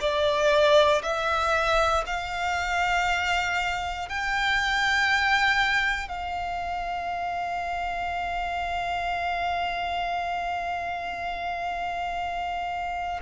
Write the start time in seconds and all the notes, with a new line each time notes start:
0.00 D5
1.02 E5
2.06 F5
4.09 G5
6.08 F5